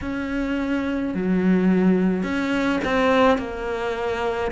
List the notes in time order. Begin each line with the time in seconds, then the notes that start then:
0.01 C#4
1.14 F#3
2.23 C#4
2.84 C4
3.38 A#3